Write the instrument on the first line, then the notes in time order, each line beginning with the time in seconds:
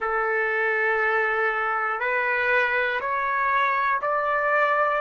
trumpet
0.00 A4
2.00 B4
3.00 C#5
4.01 D5